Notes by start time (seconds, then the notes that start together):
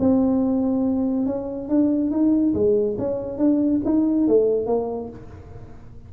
0.00 C4
1.26 C#4
1.69 D4
2.11 D#4
2.55 G#3
2.99 C#4
3.39 D4
3.85 D#4
4.28 A3
4.67 A#3